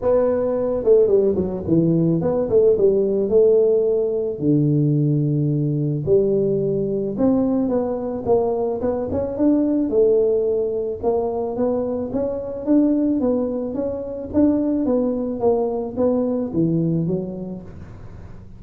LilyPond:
\new Staff \with { instrumentName = "tuba" } { \time 4/4 \tempo 4 = 109 b4. a8 g8 fis8 e4 | b8 a8 g4 a2 | d2. g4~ | g4 c'4 b4 ais4 |
b8 cis'8 d'4 a2 | ais4 b4 cis'4 d'4 | b4 cis'4 d'4 b4 | ais4 b4 e4 fis4 | }